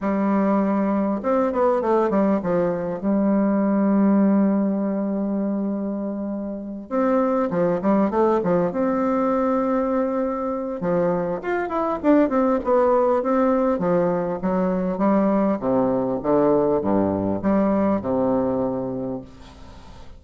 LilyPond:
\new Staff \with { instrumentName = "bassoon" } { \time 4/4 \tempo 4 = 100 g2 c'8 b8 a8 g8 | f4 g2.~ | g2.~ g8 c'8~ | c'8 f8 g8 a8 f8 c'4.~ |
c'2 f4 f'8 e'8 | d'8 c'8 b4 c'4 f4 | fis4 g4 c4 d4 | g,4 g4 c2 | }